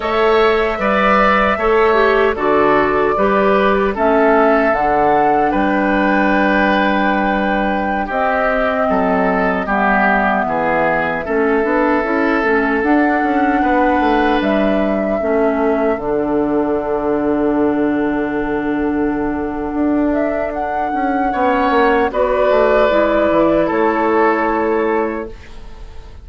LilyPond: <<
  \new Staff \with { instrumentName = "flute" } { \time 4/4 \tempo 4 = 76 e''2. d''4~ | d''4 e''4 fis''4 g''4~ | g''2~ g''16 dis''4.~ dis''16~ | dis''16 e''2.~ e''8.~ |
e''16 fis''2 e''4.~ e''16~ | e''16 fis''2.~ fis''8.~ | fis''4. e''8 fis''2 | d''2 cis''2 | }
  \new Staff \with { instrumentName = "oboe" } { \time 4/4 cis''4 d''4 cis''4 a'4 | b'4 a'2 b'4~ | b'2~ b'16 g'4 a'8.~ | a'16 g'4 gis'4 a'4.~ a'16~ |
a'4~ a'16 b'2 a'8.~ | a'1~ | a'2. cis''4 | b'2 a'2 | }
  \new Staff \with { instrumentName = "clarinet" } { \time 4/4 a'4 b'4 a'8 g'8 fis'4 | g'4 cis'4 d'2~ | d'2~ d'16 c'4.~ c'16~ | c'16 b2 cis'8 d'8 e'8 cis'16~ |
cis'16 d'2. cis'8.~ | cis'16 d'2.~ d'8.~ | d'2. cis'4 | fis'4 e'2. | }
  \new Staff \with { instrumentName = "bassoon" } { \time 4/4 a4 g4 a4 d4 | g4 a4 d4 g4~ | g2~ g16 c'4 fis8.~ | fis16 g4 e4 a8 b8 cis'8 a16~ |
a16 d'8 cis'8 b8 a8 g4 a8.~ | a16 d2.~ d8.~ | d4 d'4. cis'8 b8 ais8 | b8 a8 gis8 e8 a2 | }
>>